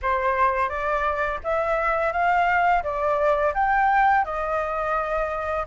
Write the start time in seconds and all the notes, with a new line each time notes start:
0.02 C5
0.69 D5
1.43 E5
2.12 F5
2.83 D5
3.54 G5
4.24 D#5